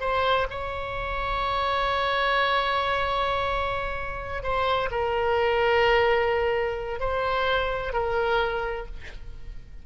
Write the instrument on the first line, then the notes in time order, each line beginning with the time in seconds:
oboe
0.00 C5
0.50 C#5
4.43 C5
4.91 A#4
7.00 C5
7.93 A#4